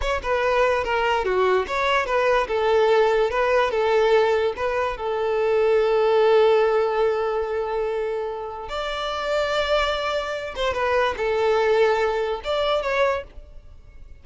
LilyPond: \new Staff \with { instrumentName = "violin" } { \time 4/4 \tempo 4 = 145 cis''8 b'4. ais'4 fis'4 | cis''4 b'4 a'2 | b'4 a'2 b'4 | a'1~ |
a'1~ | a'4 d''2.~ | d''4. c''8 b'4 a'4~ | a'2 d''4 cis''4 | }